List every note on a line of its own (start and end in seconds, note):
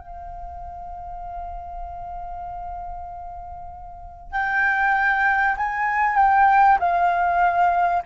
0.00 4.32 F5
4.32 5.56 G5
5.57 6.17 G#5
6.17 6.78 G5
6.80 8.03 F5